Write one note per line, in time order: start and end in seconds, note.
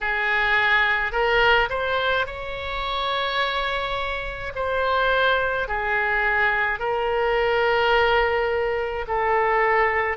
0.01 1.12 G#4
1.12 1.68 A#4
1.69 2.26 C5
2.26 4.53 C#5
4.55 5.68 C5
5.68 6.79 G#4
6.79 9.05 A#4
9.07 10.17 A4